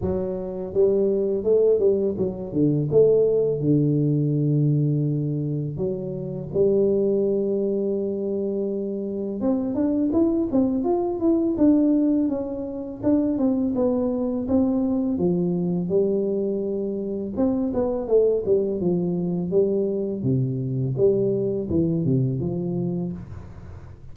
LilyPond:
\new Staff \with { instrumentName = "tuba" } { \time 4/4 \tempo 4 = 83 fis4 g4 a8 g8 fis8 d8 | a4 d2. | fis4 g2.~ | g4 c'8 d'8 e'8 c'8 f'8 e'8 |
d'4 cis'4 d'8 c'8 b4 | c'4 f4 g2 | c'8 b8 a8 g8 f4 g4 | c4 g4 e8 c8 f4 | }